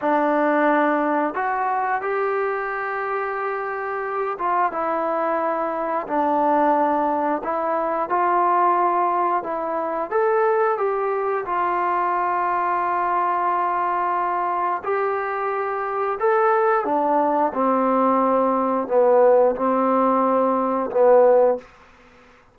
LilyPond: \new Staff \with { instrumentName = "trombone" } { \time 4/4 \tempo 4 = 89 d'2 fis'4 g'4~ | g'2~ g'8 f'8 e'4~ | e'4 d'2 e'4 | f'2 e'4 a'4 |
g'4 f'2.~ | f'2 g'2 | a'4 d'4 c'2 | b4 c'2 b4 | }